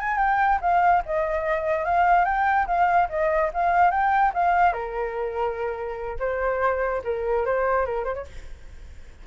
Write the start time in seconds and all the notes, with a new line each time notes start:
0.00 G#5
0.18 G5
0.62 F5
1.06 D#5
1.85 F5
2.25 G5
2.67 F5
3.10 D#5
3.54 F5
3.91 G5
4.34 F5
4.73 A#4
6.20 C5
7.04 A#4
7.46 C5
7.86 A#4
8.05 C5
8.15 C#5